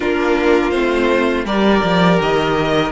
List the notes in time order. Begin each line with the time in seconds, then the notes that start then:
0.00 A#3 D4 F4 A#4
0.70 A3 C4 C5
1.45 G3 G4 A#4 D5
1.83 F3
2.20 D#3 D#5